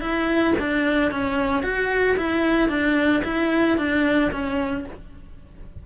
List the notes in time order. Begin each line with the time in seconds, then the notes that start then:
0.00 E4
0.59 D4
1.11 C#4
1.62 F#4
2.17 E4
2.69 D4
3.24 E4
3.77 D4
4.31 C#4